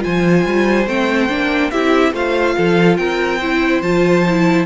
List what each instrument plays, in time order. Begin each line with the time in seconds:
0.00 cello F3, viola F4, violin C5 G#5
0.46 cello G3
0.87 cello A3, viola C4, violin G5
1.30 cello A#3, viola D4
1.71 cello C4, viola E4, violin G4 E5
2.13 cello A3, viola F4, violin C5 F5
2.56 cello F3, violin A4
2.97 cello C4, violin A#4 G5
3.39 viola E4, violin C5
3.82 cello F3, viola F4, violin A5
4.29 viola E4